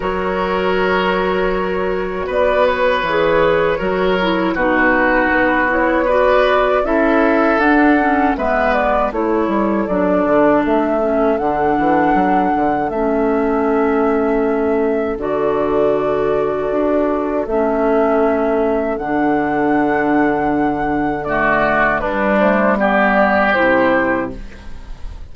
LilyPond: <<
  \new Staff \with { instrumentName = "flute" } { \time 4/4 \tempo 4 = 79 cis''2. d''8 cis''8~ | cis''2 b'4. cis''8 | d''4 e''4 fis''4 e''8 d''8 | cis''4 d''4 e''4 fis''4~ |
fis''4 e''2. | d''2. e''4~ | e''4 fis''2. | d''4 b'8 c''8 d''4 c''4 | }
  \new Staff \with { instrumentName = "oboe" } { \time 4/4 ais'2. b'4~ | b'4 ais'4 fis'2 | b'4 a'2 b'4 | a'1~ |
a'1~ | a'1~ | a'1 | fis'4 d'4 g'2 | }
  \new Staff \with { instrumentName = "clarinet" } { \time 4/4 fis'1 | gis'4 fis'8 e'8 dis'4. e'8 | fis'4 e'4 d'8 cis'8 b4 | e'4 d'4. cis'8 d'4~ |
d'4 cis'2. | fis'2. cis'4~ | cis'4 d'2. | a4 g8 a8 b4 e'4 | }
  \new Staff \with { instrumentName = "bassoon" } { \time 4/4 fis2. b4 | e4 fis4 b,4 b4~ | b4 cis'4 d'4 gis4 | a8 g8 fis8 d8 a4 d8 e8 |
fis8 d8 a2. | d2 d'4 a4~ | a4 d2.~ | d4 g2 c4 | }
>>